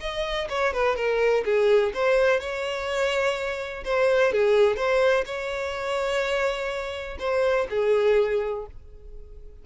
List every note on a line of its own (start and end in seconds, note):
0.00 0.48 D#5
0.50 0.73 C#5
0.73 0.96 B4
0.96 1.44 A#4
1.45 1.93 G#4
1.94 2.40 C5
2.40 3.84 C#5
3.84 4.32 C5
4.33 4.76 G#4
4.76 5.24 C5
5.26 7.18 C#5
7.19 7.67 C5
7.70 8.66 G#4